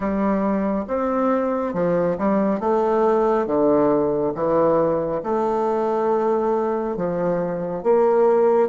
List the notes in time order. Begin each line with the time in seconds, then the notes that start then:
0.00 G3
0.87 C4
1.74 F3
2.17 G3
2.60 A3
3.46 D3
4.34 E3
5.23 A3
6.96 F3
7.83 A#3